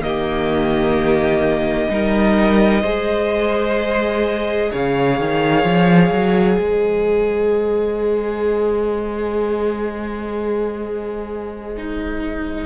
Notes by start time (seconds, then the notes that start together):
0.00 D#3 A#3 G4 D#5
1.89 G3 D#4 A#4
2.81 G#3 G#4 C5
4.71 C#3 C#5 F5
5.20 D#3
5.63 F3
6.11 F#3
6.57 G#3 C5 D#5
11.77 D#4